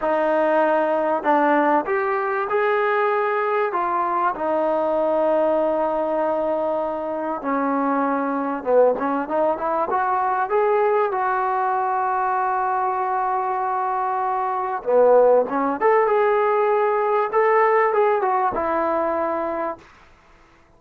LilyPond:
\new Staff \with { instrumentName = "trombone" } { \time 4/4 \tempo 4 = 97 dis'2 d'4 g'4 | gis'2 f'4 dis'4~ | dis'1 | cis'2 b8 cis'8 dis'8 e'8 |
fis'4 gis'4 fis'2~ | fis'1 | b4 cis'8 a'8 gis'2 | a'4 gis'8 fis'8 e'2 | }